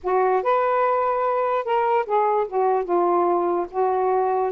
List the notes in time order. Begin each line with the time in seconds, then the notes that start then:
0.03 F#4
0.42 B4
1.64 A#4
2.06 G#4
2.47 F#4
2.84 F4
3.70 F#4